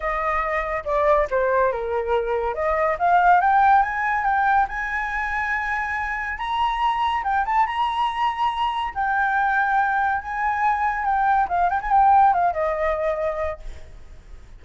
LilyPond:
\new Staff \with { instrumentName = "flute" } { \time 4/4 \tempo 4 = 141 dis''2 d''4 c''4 | ais'2 dis''4 f''4 | g''4 gis''4 g''4 gis''4~ | gis''2. ais''4~ |
ais''4 g''8 a''8 ais''2~ | ais''4 g''2. | gis''2 g''4 f''8 g''16 gis''16 | g''4 f''8 dis''2~ dis''8 | }